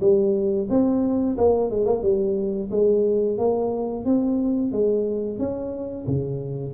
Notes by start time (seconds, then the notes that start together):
0.00 G3
0.69 C4
1.37 A#3
1.70 G#3
1.85 A#3
2.02 G3
2.71 G#3
3.37 A#3
4.05 C4
4.72 G#3
5.38 C#4
6.06 C#3